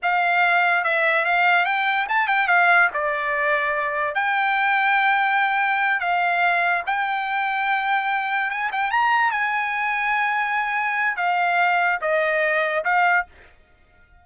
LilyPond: \new Staff \with { instrumentName = "trumpet" } { \time 4/4 \tempo 4 = 145 f''2 e''4 f''4 | g''4 a''8 g''8 f''4 d''4~ | d''2 g''2~ | g''2~ g''8 f''4.~ |
f''8 g''2.~ g''8~ | g''8 gis''8 g''8 ais''4 gis''4.~ | gis''2. f''4~ | f''4 dis''2 f''4 | }